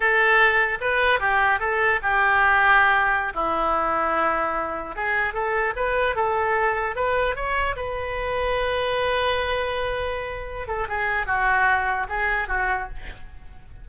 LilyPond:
\new Staff \with { instrumentName = "oboe" } { \time 4/4 \tempo 4 = 149 a'2 b'4 g'4 | a'4 g'2.~ | g'16 e'2.~ e'8.~ | e'16 gis'4 a'4 b'4 a'8.~ |
a'4~ a'16 b'4 cis''4 b'8.~ | b'1~ | b'2~ b'8 a'8 gis'4 | fis'2 gis'4 fis'4 | }